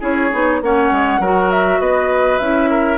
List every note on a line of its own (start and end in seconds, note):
0.00 0.31 C#4
0.00 0.30 E4
0.00 0.59 G#4
0.00 0.62 C#5
0.31 0.61 B3
0.31 0.61 D#4
0.61 0.91 A#3
0.61 1.22 C#4
0.61 1.20 C#5
0.61 1.51 F#5
0.92 1.19 G#3
1.19 1.79 F#3
1.19 2.41 F#4
1.19 1.80 A#4
1.51 1.80 E5
1.80 2.39 B3
1.80 2.70 B4
1.80 2.38 D#5
2.38 2.98 C#4
2.38 2.98 E4
2.38 2.98 E5
2.70 2.98 A#4